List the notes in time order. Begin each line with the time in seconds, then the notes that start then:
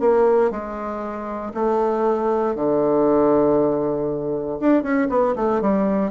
0.00 A#3
0.51 G#3
1.54 A3
2.55 D3
4.60 D4
4.83 C#4
5.09 B3
5.36 A3
5.61 G3